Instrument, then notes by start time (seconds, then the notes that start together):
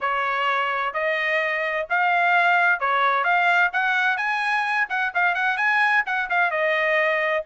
trumpet
0.00 C#5
0.93 D#5
1.89 F5
2.79 C#5
3.24 F5
3.72 F#5
4.17 G#5
4.89 F#5
5.14 F5
5.35 F#5
5.57 G#5
6.05 F#5
6.29 F5
6.51 D#5